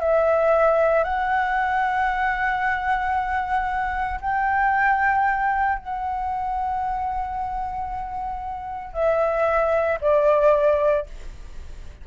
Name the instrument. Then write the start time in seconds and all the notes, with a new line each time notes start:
flute
0.00 E5
1.04 F#5
4.21 G5
5.79 F#5
8.94 E5
10.01 D5